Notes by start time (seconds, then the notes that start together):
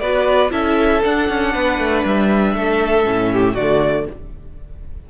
0.00 B3 F#4 B4 D5
0.51 C#4 E4 A4 E5
1.04 D4 F#5
1.29 C#4
1.53 B3 B4
1.79 A3
2.04 G3 E5
2.55 A3 A4
3.05 A2 C#4
3.33 G4
3.54 D3 A3 F#4 D5